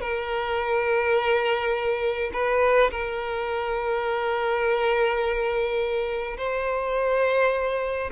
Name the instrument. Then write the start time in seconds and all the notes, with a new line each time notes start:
violin
0.00 A#4
2.33 B4
2.91 A#4
6.37 C5